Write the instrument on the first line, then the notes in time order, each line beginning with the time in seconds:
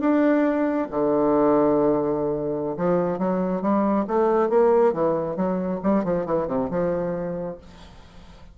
bassoon
0.00 D4
0.90 D3
2.77 F3
3.18 F#3
3.62 G3
4.07 A3
4.49 A#3
4.93 E3
5.36 F#3
5.83 G3
6.04 F3
6.26 E3
6.47 C3
6.70 F3